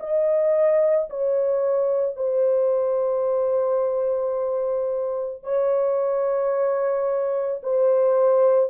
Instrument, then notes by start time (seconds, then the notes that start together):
horn
0.00 D#5
1.11 C#5
2.17 C5
5.44 C#5
7.63 C5